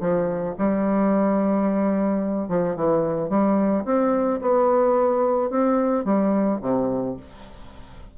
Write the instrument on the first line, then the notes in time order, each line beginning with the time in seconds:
bassoon
0.00 F3
0.58 G3
2.48 F3
2.75 E3
3.29 G3
3.85 C4
4.41 B3
5.50 C4
6.04 G3
6.61 C3